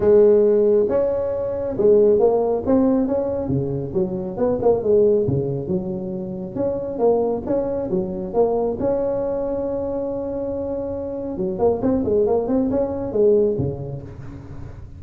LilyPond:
\new Staff \with { instrumentName = "tuba" } { \time 4/4 \tempo 4 = 137 gis2 cis'2 | gis4 ais4 c'4 cis'4 | cis4 fis4 b8 ais8 gis4 | cis4 fis2 cis'4 |
ais4 cis'4 fis4 ais4 | cis'1~ | cis'2 fis8 ais8 c'8 gis8 | ais8 c'8 cis'4 gis4 cis4 | }